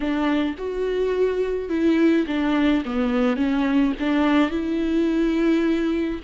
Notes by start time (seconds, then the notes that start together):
0.00 D4
0.57 F#4
1.69 E4
2.26 D4
2.85 B3
3.36 C#4
3.99 D4
4.50 E4